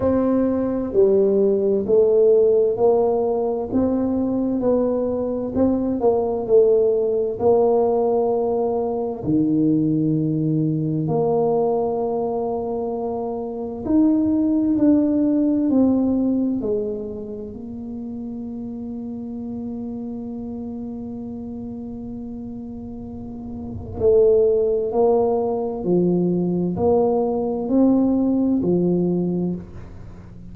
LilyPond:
\new Staff \with { instrumentName = "tuba" } { \time 4/4 \tempo 4 = 65 c'4 g4 a4 ais4 | c'4 b4 c'8 ais8 a4 | ais2 dis2 | ais2. dis'4 |
d'4 c'4 gis4 ais4~ | ais1~ | ais2 a4 ais4 | f4 ais4 c'4 f4 | }